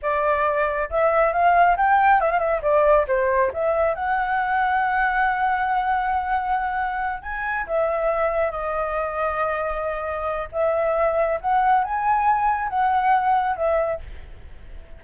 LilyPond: \new Staff \with { instrumentName = "flute" } { \time 4/4 \tempo 4 = 137 d''2 e''4 f''4 | g''4 e''16 f''16 e''8 d''4 c''4 | e''4 fis''2.~ | fis''1~ |
fis''8 gis''4 e''2 dis''8~ | dis''1 | e''2 fis''4 gis''4~ | gis''4 fis''2 e''4 | }